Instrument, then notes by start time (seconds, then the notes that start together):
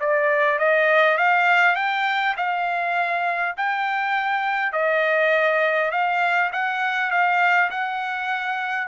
trumpet
0.00 D5
0.59 D#5
1.18 F5
1.76 G5
2.37 F5
3.57 G5
4.73 D#5
5.91 F5
6.53 F#5
7.11 F5
7.70 F#5